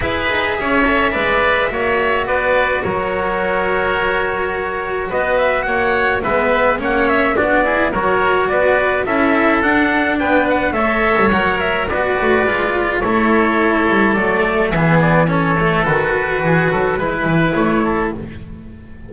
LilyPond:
<<
  \new Staff \with { instrumentName = "trumpet" } { \time 4/4 \tempo 4 = 106 e''1 | d''4 cis''2.~ | cis''4 dis''8 e''8 fis''4 e''4 | fis''8 e''8 d''4 cis''4 d''4 |
e''4 fis''4 g''8 fis''8 e''4 | fis''8 e''8 d''2 cis''4~ | cis''4 d''4 e''8 d''8 cis''4 | b'2. cis''4 | }
  \new Staff \with { instrumentName = "oboe" } { \time 4/4 b'4 cis''4 d''4 cis''4 | b'4 ais'2.~ | ais'4 b'4 cis''4 b'4 | cis''4 fis'8 gis'8 ais'4 b'4 |
a'2 b'4 cis''4~ | cis''4 b'2 a'4~ | a'2 gis'4 a'4~ | a'4 gis'8 a'8 b'4. a'8 | }
  \new Staff \with { instrumentName = "cello" } { \time 4/4 gis'4. a'8 b'4 fis'4~ | fis'1~ | fis'2. b4 | cis'4 d'8 e'8 fis'2 |
e'4 d'2 a'4 | ais'4 fis'4 f'4 e'4~ | e'4 a4 b4 cis'8 a8 | fis'2 e'2 | }
  \new Staff \with { instrumentName = "double bass" } { \time 4/4 e'8 dis'8 cis'4 gis4 ais4 | b4 fis2.~ | fis4 b4 ais4 gis4 | ais4 b4 fis4 b4 |
cis'4 d'4 b4 a8. g16 | fis4 b8 a8 gis4 a4~ | a8 g8 fis4 e2 | dis4 e8 fis8 gis8 e8 a4 | }
>>